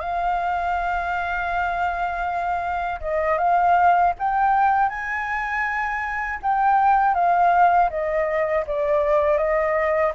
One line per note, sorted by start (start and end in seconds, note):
0.00 3.00 F5
3.00 3.38 D#5
3.38 4.13 F5
4.19 4.89 G5
4.89 6.39 G#5
6.42 7.15 G5
7.15 7.90 F5
7.90 8.65 D#5
8.67 9.38 D5
9.38 10.12 D#5